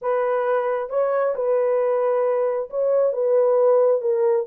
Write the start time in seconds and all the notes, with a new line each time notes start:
0.01 B4
0.89 C#5
1.35 B4
2.69 C#5
3.12 B4
4.01 A#4